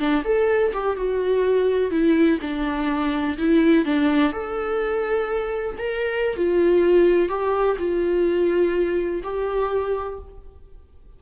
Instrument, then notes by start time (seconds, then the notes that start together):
viola
0.00 D4
0.25 A4
0.74 G4
0.97 F#4
1.91 E4
2.41 D4
3.38 E4
3.86 D4
4.33 A4
5.78 A#4
6.37 F4
7.29 G4
7.79 F4
9.24 G4